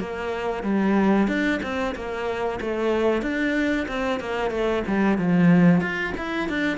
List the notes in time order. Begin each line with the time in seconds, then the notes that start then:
0.00 A#3
0.64 G3
1.28 D4
1.63 C4
1.96 A#3
2.61 A3
3.23 D4
3.89 C4
4.21 A#3
4.51 A3
4.87 G3
5.18 F3
5.81 F4
6.18 E4
6.49 D4